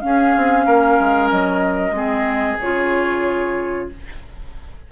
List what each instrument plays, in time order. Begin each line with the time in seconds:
0.00 clarinet C#4, bassoon C#4, flute F5
0.06 oboe G#4
0.36 bassoon C4
0.66 bassoon A#3, oboe A#4
1.00 bassoon G#3
1.29 bassoon F#3, flute D#5
1.91 bassoon G#3, clarinet C4, oboe G#4
2.60 bassoon C#3, clarinet F4, flute C#5